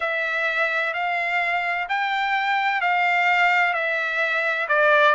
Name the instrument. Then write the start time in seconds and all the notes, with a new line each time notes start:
trumpet
0.00 E5
0.93 F5
1.88 G5
2.81 F5
3.73 E5
4.68 D5